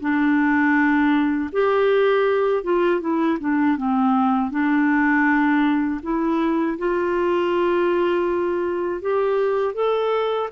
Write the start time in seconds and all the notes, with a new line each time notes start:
0.00 D4
1.52 G4
2.64 F4
3.01 E4
3.40 D4
3.77 C4
4.51 D4
6.03 E4
6.78 F4
9.01 G4
9.74 A4